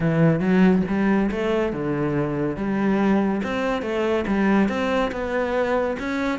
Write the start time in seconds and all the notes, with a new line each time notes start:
0.00 E3
0.39 F#3
0.88 G3
1.31 A3
1.72 D3
2.56 G3
3.43 C4
3.82 A3
4.27 G3
4.68 C4
5.11 B3
5.99 C#4